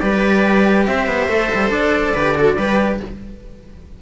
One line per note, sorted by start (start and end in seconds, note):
0.00 0.87 G3
0.00 1.30 G4
0.00 0.87 B4
0.00 0.86 D5
0.87 1.07 C4
0.87 2.14 C5
0.87 1.71 E5
1.07 1.28 B3
1.28 1.49 A3
1.28 2.16 A4
1.54 1.71 G3
1.71 2.13 D4
1.71 3.00 D5
2.14 2.57 D3
2.14 2.35 G4
2.14 2.35 B4
2.35 2.57 F#4
2.35 2.58 A4
2.57 3.00 G3
2.57 3.02 G4
2.57 3.00 B4